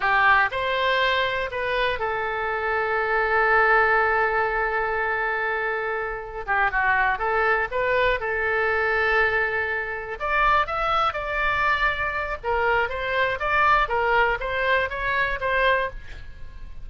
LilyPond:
\new Staff \with { instrumentName = "oboe" } { \time 4/4 \tempo 4 = 121 g'4 c''2 b'4 | a'1~ | a'1~ | a'4 g'8 fis'4 a'4 b'8~ |
b'8 a'2.~ a'8~ | a'8 d''4 e''4 d''4.~ | d''4 ais'4 c''4 d''4 | ais'4 c''4 cis''4 c''4 | }